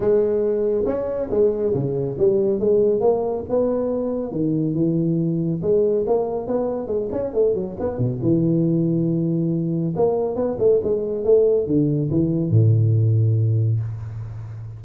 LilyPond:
\new Staff \with { instrumentName = "tuba" } { \time 4/4 \tempo 4 = 139 gis2 cis'4 gis4 | cis4 g4 gis4 ais4 | b2 dis4 e4~ | e4 gis4 ais4 b4 |
gis8 cis'8 a8 fis8 b8 b,8 e4~ | e2. ais4 | b8 a8 gis4 a4 d4 | e4 a,2. | }